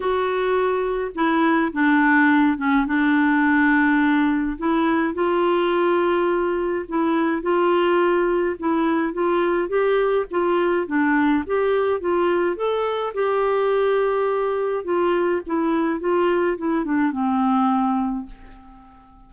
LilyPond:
\new Staff \with { instrumentName = "clarinet" } { \time 4/4 \tempo 4 = 105 fis'2 e'4 d'4~ | d'8 cis'8 d'2. | e'4 f'2. | e'4 f'2 e'4 |
f'4 g'4 f'4 d'4 | g'4 f'4 a'4 g'4~ | g'2 f'4 e'4 | f'4 e'8 d'8 c'2 | }